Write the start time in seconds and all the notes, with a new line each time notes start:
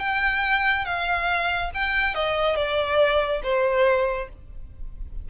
0.00 G5
0.86 F5
1.75 G5
2.15 D#5
2.56 D5
3.44 C5